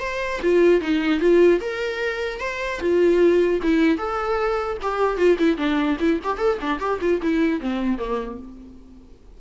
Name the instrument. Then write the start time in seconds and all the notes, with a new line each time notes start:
viola
0.00 C5
0.42 F4
0.81 D#4
1.20 F4
1.60 A#4
2.40 C5
2.80 F4
3.62 E4
3.97 A4
4.82 G4
5.17 F4
5.38 E4
5.57 D4
6.00 E4
6.23 G4
6.38 A4
6.61 D4
6.80 G4
7.01 F4
7.22 E4
7.60 C4
7.98 A#3